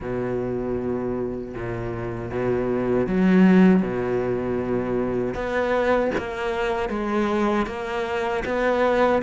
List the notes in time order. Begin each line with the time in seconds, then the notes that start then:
0.00 B2
1.55 A#2
2.31 B2
3.07 F#3
3.82 B2
5.34 B3
6.17 A#3
6.89 G#3
7.66 A#3
8.44 B3